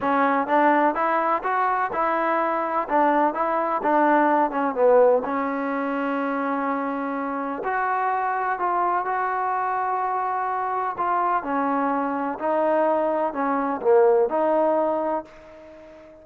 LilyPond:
\new Staff \with { instrumentName = "trombone" } { \time 4/4 \tempo 4 = 126 cis'4 d'4 e'4 fis'4 | e'2 d'4 e'4 | d'4. cis'8 b4 cis'4~ | cis'1 |
fis'2 f'4 fis'4~ | fis'2. f'4 | cis'2 dis'2 | cis'4 ais4 dis'2 | }